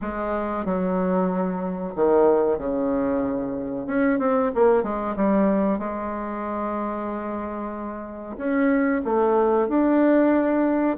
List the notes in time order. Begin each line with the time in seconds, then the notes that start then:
0.01 G#3
0.65 F#3
1.95 D#3
2.57 C#3
3.87 C#4
4.19 C4
4.54 A#3
4.83 G#3
5.16 G3
5.78 G#3
8.37 C#4
9.05 A3
9.68 D4